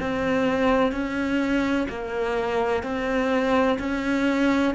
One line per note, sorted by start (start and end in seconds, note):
0.00 0.92 C4
0.92 1.87 C#4
1.89 2.83 A#3
2.83 3.78 C4
3.79 4.74 C#4